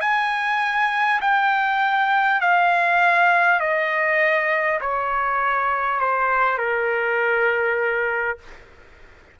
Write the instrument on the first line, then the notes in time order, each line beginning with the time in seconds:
trumpet
0.00 G#5
1.21 G5
2.40 F5
3.59 D#5
4.80 C#5
6.00 C5
6.57 A#4